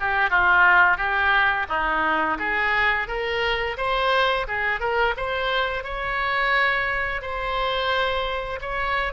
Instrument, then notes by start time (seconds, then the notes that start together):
oboe
0.00 G4
0.30 F4
0.97 G4
1.68 D#4
2.39 G#4
3.08 A#4
3.77 C5
4.47 G#4
4.80 A#4
5.17 C5
5.84 C#5
7.21 C5
8.61 C#5